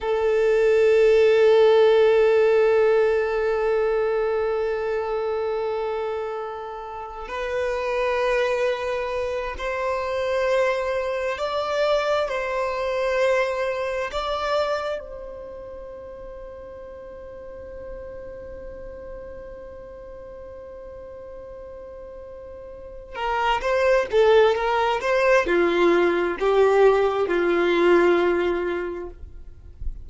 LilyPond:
\new Staff \with { instrumentName = "violin" } { \time 4/4 \tempo 4 = 66 a'1~ | a'1 | b'2~ b'8 c''4.~ | c''8 d''4 c''2 d''8~ |
d''8 c''2.~ c''8~ | c''1~ | c''4. ais'8 c''8 a'8 ais'8 c''8 | f'4 g'4 f'2 | }